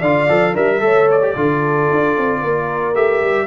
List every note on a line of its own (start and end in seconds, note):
0.00 0.28 D3
0.00 0.28 F4
0.00 0.53 D5
0.00 0.54 F5
0.28 0.56 F3
0.28 0.55 A4
0.54 0.81 G3
0.54 0.80 D4
0.54 0.80 A#4
0.54 1.09 E5
0.80 1.34 A3
0.80 1.20 A4
0.80 1.34 C#5
1.11 2.95 D5
1.22 1.35 G4
1.34 1.89 D3
1.34 2.94 F4
1.34 2.40 A4
1.91 2.17 D4
2.17 2.42 C4
2.40 2.95 A#3
2.40 3.46 A#4
2.94 3.21 A3
2.94 3.47 G4
2.94 3.47 E5
3.21 3.47 G3